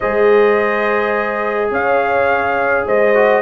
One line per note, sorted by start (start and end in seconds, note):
0.00 1.71 G#3
0.00 3.14 G#4
0.00 1.70 C5
0.00 1.71 D#5
1.71 2.85 C#4
1.71 2.86 C#5
1.71 2.87 F5
2.86 3.41 G#3
2.86 3.41 C5
2.86 3.41 D#5
3.14 3.41 F#4